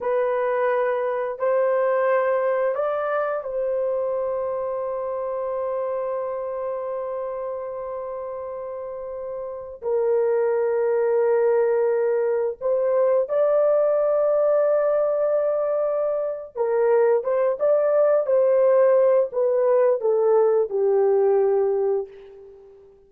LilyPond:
\new Staff \with { instrumentName = "horn" } { \time 4/4 \tempo 4 = 87 b'2 c''2 | d''4 c''2.~ | c''1~ | c''2~ c''16 ais'4.~ ais'16~ |
ais'2~ ais'16 c''4 d''8.~ | d''1 | ais'4 c''8 d''4 c''4. | b'4 a'4 g'2 | }